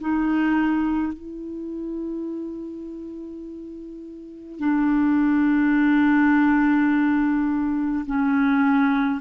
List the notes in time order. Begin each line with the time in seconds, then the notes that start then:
0.00 D#4
1.13 E4
4.59 D4
8.06 C#4